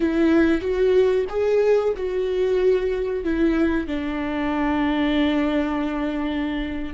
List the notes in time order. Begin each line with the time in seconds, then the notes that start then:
0.00 E4
0.61 F#4
1.29 G#4
1.96 F#4
3.24 E4
3.87 D4